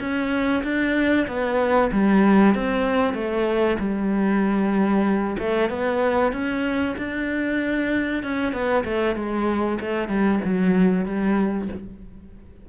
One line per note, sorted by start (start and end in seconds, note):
0.00 0.63 C#4
0.64 1.27 D4
1.27 1.91 B3
1.92 2.55 G3
2.55 3.14 C4
3.14 3.77 A3
3.79 5.37 G3
5.39 5.70 A3
5.70 6.32 B3
6.32 6.96 C#4
6.98 8.23 D4
8.23 8.53 C#4
8.53 8.84 B3
8.84 9.16 A3
9.16 9.79 G#3
9.80 10.09 A3
10.09 10.40 G3
10.45 11.05 F#3
11.05 11.68 G3